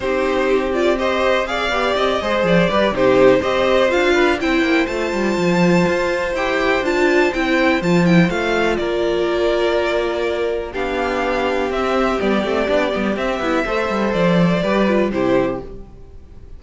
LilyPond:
<<
  \new Staff \with { instrumentName = "violin" } { \time 4/4 \tempo 4 = 123 c''4. d''8 dis''4 f''4 | dis''4 d''4 c''4 dis''4 | f''4 g''4 a''2~ | a''4 g''4 a''4 g''4 |
a''8 g''8 f''4 d''2~ | d''2 f''2 | e''4 d''2 e''4~ | e''4 d''2 c''4 | }
  \new Staff \with { instrumentName = "violin" } { \time 4/4 g'2 c''4 d''4~ | d''8 c''4 b'8 g'4 c''4~ | c''8 b'8 c''2.~ | c''1~ |
c''2 ais'2~ | ais'2 g'2~ | g'1 | c''2 b'4 g'4 | }
  \new Staff \with { instrumentName = "viola" } { \time 4/4 dis'4. f'8 g'4 gis'8 g'8~ | g'8 gis'4 g'8 dis'4 g'4 | f'4 e'4 f'2~ | f'4 g'4 f'4 e'4 |
f'8 e'8 f'2.~ | f'2 d'2 | c'4 b8 c'8 d'8 b8 c'8 e'8 | a'2 g'8 f'8 e'4 | }
  \new Staff \with { instrumentName = "cello" } { \time 4/4 c'2.~ c'8 b8 | c'8 gis8 f8 g8 c4 c'4 | d'4 c'8 ais8 a8 g8 f4 | f'4 e'4 d'4 c'4 |
f4 a4 ais2~ | ais2 b2 | c'4 g8 a8 b8 g8 c'8 b8 | a8 g8 f4 g4 c4 | }
>>